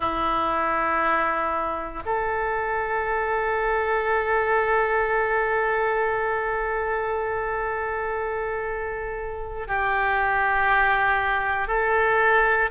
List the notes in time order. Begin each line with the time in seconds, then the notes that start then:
0.00 E4
2.05 A4
9.67 G4
11.67 A4